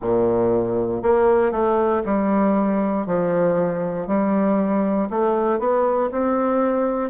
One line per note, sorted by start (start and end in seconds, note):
0.01 1.02 A#2
1.02 1.51 A#3
1.51 2.02 A3
2.05 3.06 G3
3.06 4.07 F3
4.07 5.08 G3
5.09 5.59 A3
5.59 6.10 B3
6.11 7.10 C4